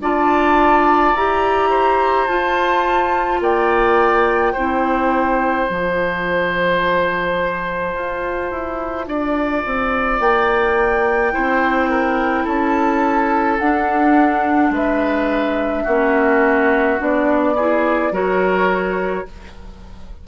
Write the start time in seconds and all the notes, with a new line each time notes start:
0.00 D4 F4 D5 A5
1.15 E4 G4 A#5
1.70 C5
2.28 F4 A5
3.41 A#3 D5 G5
4.53 C4 E4 C5
5.68 F3 F4 A5
7.95 F4
8.51 E4
9.08 D4 D5
9.66 C4
10.20 A#3 G5
11.32 C4 E4 C5
11.90 A#4
12.44 C#4 A4 A5
13.59 D4 F#5
14.71 G#3 B4 E5
15.84 A#3 C#4 F#4
16.99 B3 D4 D5
17.56 E4 G#4
18.12 F#3 F#4 A#4 C#5